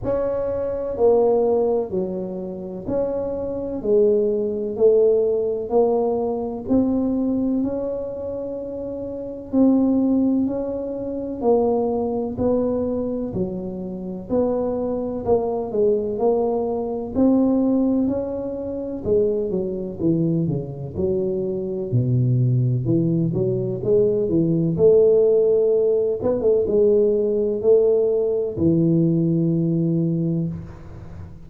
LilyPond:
\new Staff \with { instrumentName = "tuba" } { \time 4/4 \tempo 4 = 63 cis'4 ais4 fis4 cis'4 | gis4 a4 ais4 c'4 | cis'2 c'4 cis'4 | ais4 b4 fis4 b4 |
ais8 gis8 ais4 c'4 cis'4 | gis8 fis8 e8 cis8 fis4 b,4 | e8 fis8 gis8 e8 a4. b16 a16 | gis4 a4 e2 | }